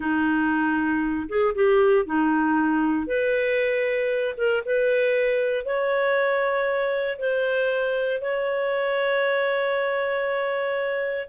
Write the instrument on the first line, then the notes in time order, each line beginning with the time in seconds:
clarinet
0.00 D#4
1.28 G#4
1.55 G4
2.05 D#4
3.06 B4
4.37 A#4
4.65 B4
5.65 C#5
7.18 C5
8.21 C#5